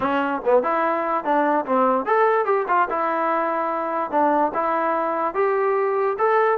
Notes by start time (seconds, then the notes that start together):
0.00 C#4
0.44 B3
0.63 E4
1.24 D4
1.65 C4
2.05 A4
2.45 G4
2.67 F4
2.89 E4
4.11 D4
4.54 E4
5.34 G4
6.18 A4